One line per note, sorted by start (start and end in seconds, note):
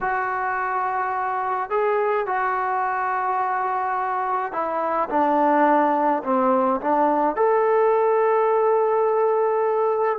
0.01 1.70 F#4
1.70 2.26 G#4
2.26 4.52 F#4
4.52 5.08 E4
5.09 6.23 D4
6.23 6.80 C4
6.81 7.36 D4
7.36 10.18 A4